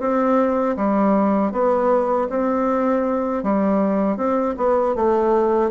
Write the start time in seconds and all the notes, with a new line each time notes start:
0.00 C4
0.76 G3
1.52 B3
2.30 C4
3.43 G3
4.17 C4
4.57 B3
4.95 A3